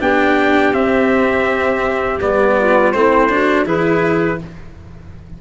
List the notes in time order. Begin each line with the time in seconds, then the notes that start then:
0.00 B3 D4 G4 G5
0.73 C4 E5
2.21 G3 B3 D5
2.59 F4
2.92 A3 C4 E4 C5
3.29 D4 F#4
3.65 E3 E4 G#4 B4